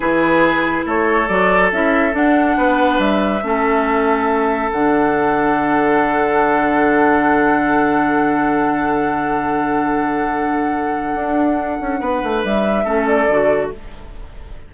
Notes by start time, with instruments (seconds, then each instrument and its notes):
0.00 bassoon E3, clarinet E4, oboe G#4, flute B4
0.85 bassoon A3, oboe A4, flute C#5
1.27 bassoon F#3, clarinet F#4, flute D5
1.72 bassoon C#4, clarinet E4, flute E5
2.12 clarinet D4, bassoon D4, flute F#5
2.57 bassoon B3, oboe B4
2.98 bassoon G3, flute E5
3.42 bassoon A3, clarinet C#4, oboe A4
4.72 bassoon D3, clarinet D4, flute F#5
11.14 bassoon D4
11.80 bassoon C#4
12.00 bassoon B3, oboe B4
12.23 bassoon A3
12.44 bassoon G3, flute E5
12.84 bassoon A3, clarinet C#4, oboe A4
13.06 flute D5
13.28 bassoon D3, clarinet F#4